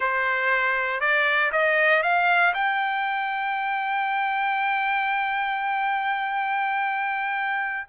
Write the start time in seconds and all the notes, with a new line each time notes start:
0.00 C5
1.00 D5
1.52 D#5
2.02 F5
2.54 G5